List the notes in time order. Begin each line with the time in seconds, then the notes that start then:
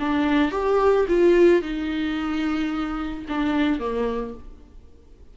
0.00 D4
0.52 G4
1.08 F4
1.62 D#4
3.29 D4
3.80 A#3